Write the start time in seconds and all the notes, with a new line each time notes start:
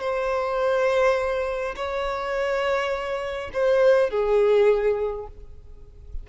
0.00 C5
1.76 C#5
3.53 C5
4.10 G#4